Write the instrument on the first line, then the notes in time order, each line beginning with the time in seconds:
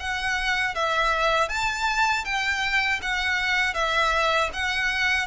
violin
0.00 F#5
0.75 E5
1.49 A5
2.25 G5
3.02 F#5
3.74 E5
4.54 F#5